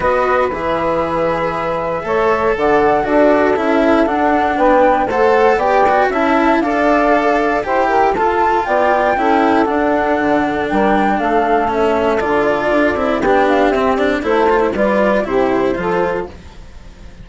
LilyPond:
<<
  \new Staff \with { instrumentName = "flute" } { \time 4/4 \tempo 4 = 118 dis''4 e''2.~ | e''4 fis''4 d''4 e''4 | fis''4 g''4 fis''4 g''4 | a''4 f''2 g''4 |
a''4 g''2 fis''4~ | fis''4 g''4 f''4 e''4 | d''2 g''8 f''8 e''8 d''8 | c''4 d''4 c''2 | }
  \new Staff \with { instrumentName = "saxophone" } { \time 4/4 b'1 | cis''4 d''4 a'2~ | a'4 b'4 c''4 d''4 | e''4 d''2 c''8 ais'8 |
a'4 d''4 a'2~ | a'4 ais'4 a'2~ | a'2 g'2 | a'4 b'4 g'4 a'4 | }
  \new Staff \with { instrumentName = "cello" } { \time 4/4 fis'4 gis'2. | a'2 fis'4 e'4 | d'2 a'4 g'8 fis'8 | e'4 a'2 g'4 |
f'2 e'4 d'4~ | d'2. cis'4 | f'4. e'8 d'4 c'8 d'8 | e'8 f'16 e'16 f'4 e'4 f'4 | }
  \new Staff \with { instrumentName = "bassoon" } { \time 4/4 b4 e2. | a4 d4 d'4 cis'4 | d'4 b4 a4 b4 | cis'4 d'2 e'4 |
f'4 b4 cis'4 d'4 | d4 g4 a2 | d4 d'8 c'8 b4 c'4 | a4 g4 c4 f4 | }
>>